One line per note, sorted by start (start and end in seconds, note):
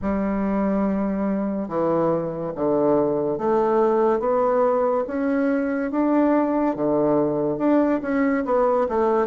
0.01 1.68 G3
1.68 2.52 E3
2.55 3.38 D3
3.38 4.19 A3
4.19 5.04 B3
5.07 5.91 C#4
5.91 6.75 D4
6.75 7.57 D3
7.57 8.00 D4
8.01 8.44 C#4
8.45 8.87 B3
8.88 9.27 A3